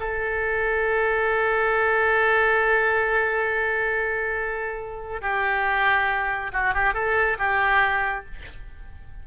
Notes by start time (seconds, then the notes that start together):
0.00 A4
5.22 G4
6.53 F#4
6.74 G4
6.94 A4
7.38 G4